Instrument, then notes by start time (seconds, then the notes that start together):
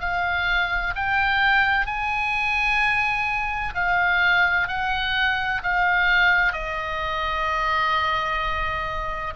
oboe
0.00 F5
0.95 G5
1.87 G#5
3.75 F5
4.68 F#5
5.63 F5
6.53 D#5